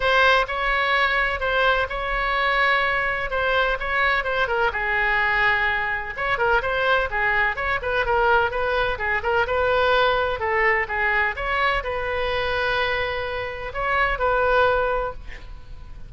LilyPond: \new Staff \with { instrumentName = "oboe" } { \time 4/4 \tempo 4 = 127 c''4 cis''2 c''4 | cis''2. c''4 | cis''4 c''8 ais'8 gis'2~ | gis'4 cis''8 ais'8 c''4 gis'4 |
cis''8 b'8 ais'4 b'4 gis'8 ais'8 | b'2 a'4 gis'4 | cis''4 b'2.~ | b'4 cis''4 b'2 | }